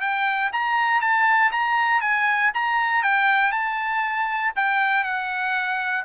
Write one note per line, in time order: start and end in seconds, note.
0.00 0.50 G5
0.52 1.01 A#5
1.01 1.51 A5
1.51 2.01 A#5
2.01 2.51 G#5
2.54 3.03 A#5
3.03 3.51 G5
3.51 4.52 A5
4.55 5.03 G5
5.03 6.04 F#5